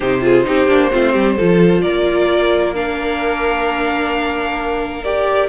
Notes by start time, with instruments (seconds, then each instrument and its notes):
0.00 cello C3, viola D#4, violin G4 C5
0.21 viola F4, violin G#4
0.44 cello C4, viola D#4, violin G4
0.67 cello A#3, viola D4
0.92 cello A3, viola C4, violin F4
1.12 cello G3, violin G4
1.35 cello F3, viola F4, violin A4
1.81 cello A#3, violin A#4 D5
2.74 viola D4, violin F5
5.04 viola G4, violin D5